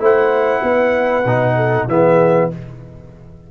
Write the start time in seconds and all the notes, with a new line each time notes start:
0.00 A3 E4 C5 F#5
0.63 B3 B4
1.25 B2 D#4
1.57 A4
1.88 E3 B3 G#4 E5